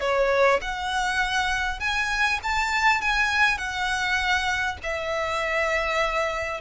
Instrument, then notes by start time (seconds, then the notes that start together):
violin
0.00 C#5
0.61 F#5
1.79 G#5
2.42 A5
3.01 G#5
3.58 F#5
4.83 E5